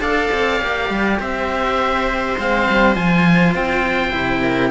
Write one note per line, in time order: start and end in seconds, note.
0.00 0.29 D4
0.00 0.60 A4
0.00 1.20 D5
0.00 1.19 F5
0.32 0.62 C4
0.60 0.90 A#3
0.60 2.37 G4
0.90 1.20 G3
1.20 2.38 C4
1.20 4.42 C5
1.20 2.38 E5
2.38 2.69 G#3
2.38 2.95 C4
2.38 2.96 F5
2.70 2.96 G3
2.95 3.55 F3
2.95 4.12 F4
2.95 3.55 G#5
3.55 4.14 C4
3.55 4.71 G5
4.12 4.71 C3
4.12 4.71 E4
4.42 4.71 A#4